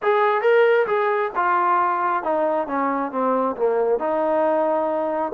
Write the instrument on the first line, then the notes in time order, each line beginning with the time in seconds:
trombone
0.02 G#4
0.41 A#4
0.86 G#4
1.35 F4
2.23 D#4
2.67 C#4
3.11 C4
3.56 A#3
3.99 D#4